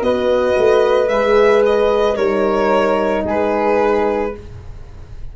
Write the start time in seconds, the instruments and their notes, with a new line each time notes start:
0.00 tuba B3, horn F#4, flute B4, violin D#5
0.57 tuba A3
1.08 tuba G#3, horn G#4, violin E5
1.66 violin D#5
2.16 tuba G3, horn D#4, flute A#4, violin C#5
3.25 tuba G#3, flute G#4, violin B4